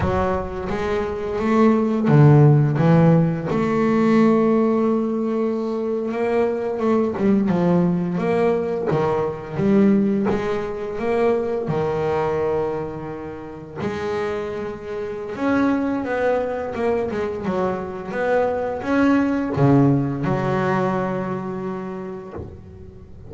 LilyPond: \new Staff \with { instrumentName = "double bass" } { \time 4/4 \tempo 4 = 86 fis4 gis4 a4 d4 | e4 a2.~ | a8. ais4 a8 g8 f4 ais16~ | ais8. dis4 g4 gis4 ais16~ |
ais8. dis2. gis16~ | gis2 cis'4 b4 | ais8 gis8 fis4 b4 cis'4 | cis4 fis2. | }